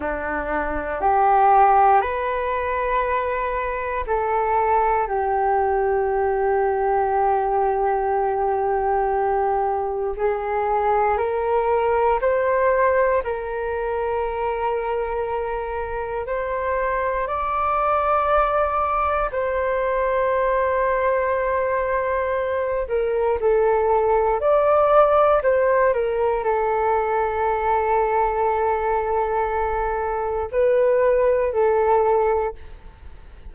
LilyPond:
\new Staff \with { instrumentName = "flute" } { \time 4/4 \tempo 4 = 59 d'4 g'4 b'2 | a'4 g'2.~ | g'2 gis'4 ais'4 | c''4 ais'2. |
c''4 d''2 c''4~ | c''2~ c''8 ais'8 a'4 | d''4 c''8 ais'8 a'2~ | a'2 b'4 a'4 | }